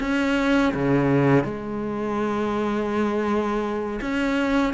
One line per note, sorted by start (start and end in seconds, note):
0.00 0.73 C#4
0.74 1.44 C#3
1.44 4.00 G#3
4.01 4.74 C#4